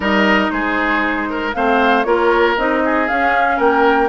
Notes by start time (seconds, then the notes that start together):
0.00 G3 D#4 A#4 D#5
0.50 G#3 G#4 C5
1.29 A#4
1.53 A3 C4 C5 F5
2.03 A#3 F4 A#4 C#5
2.57 C4 D#4 D#5
2.84 G#4
3.08 C#4 F5
3.57 A#3 A#4 G5